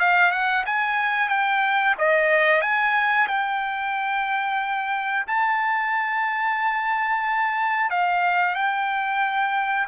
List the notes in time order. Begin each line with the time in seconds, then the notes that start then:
0.00 F5
0.32 F#5
0.67 G#5
1.29 G5
1.99 D#5
2.62 G#5
3.28 G5
5.27 A5
7.91 F5
8.56 G5